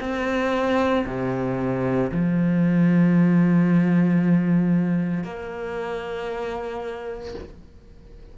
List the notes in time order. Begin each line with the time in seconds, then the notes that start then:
0.00 C4
1.06 C3
2.11 F3
5.24 A#3